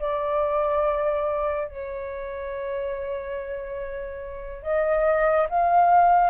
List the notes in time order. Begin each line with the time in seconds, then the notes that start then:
0.00 D5
1.68 C#5
4.63 D#5
5.49 F5